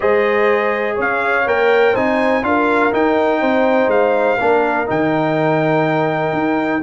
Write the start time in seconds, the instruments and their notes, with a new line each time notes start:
0.00 tuba G#3, trombone G#4, horn C5, trumpet D#5
0.95 tuba C#4, horn C#5, trumpet F5
1.46 tuba A#3, trombone A#4, trumpet G5
1.92 tuba C4, trombone D#4, horn C5, trumpet G#5
2.42 tuba D4, trombone F4, horn A#4, trumpet F5
2.92 trombone D#4, tuba D#4, trumpet G5
3.40 tuba C4, horn C5
3.87 tuba G#3, trumpet F5
4.37 tuba A#3, trombone D4, horn A#4
4.86 tuba D#3, trombone D#4, trumpet G5
6.32 tuba D#4